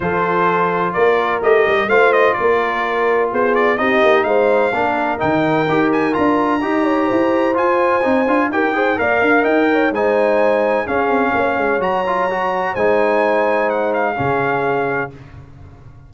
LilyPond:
<<
  \new Staff \with { instrumentName = "trumpet" } { \time 4/4 \tempo 4 = 127 c''2 d''4 dis''4 | f''8 dis''8 d''2 c''8 d''8 | dis''4 f''2 g''4~ | g''8 gis''8 ais''2. |
gis''2 g''4 f''4 | g''4 gis''2 f''4~ | f''4 ais''2 gis''4~ | gis''4 fis''8 f''2~ f''8 | }
  \new Staff \with { instrumentName = "horn" } { \time 4/4 a'2 ais'2 | c''4 ais'2 gis'4 | g'4 c''4 ais'2~ | ais'2 dis''8 cis''8 c''4~ |
c''2 ais'8 c''8 d''8 f''8 | dis''8 cis''8 c''2 gis'4 | cis''2. c''4~ | c''2 gis'2 | }
  \new Staff \with { instrumentName = "trombone" } { \time 4/4 f'2. g'4 | f'1 | dis'2 d'4 dis'4 | g'4 f'4 g'2 |
f'4 dis'8 f'8 g'8 gis'8 ais'4~ | ais'4 dis'2 cis'4~ | cis'4 fis'8 f'8 fis'4 dis'4~ | dis'2 cis'2 | }
  \new Staff \with { instrumentName = "tuba" } { \time 4/4 f2 ais4 a8 g8 | a4 ais2 b4 | c'8 ais8 gis4 ais4 dis4 | dis'4 d'4 dis'4 e'4 |
f'4 c'8 d'8 dis'4 ais8 d'8 | dis'4 gis2 cis'8 c'8 | ais8 gis8 fis2 gis4~ | gis2 cis2 | }
>>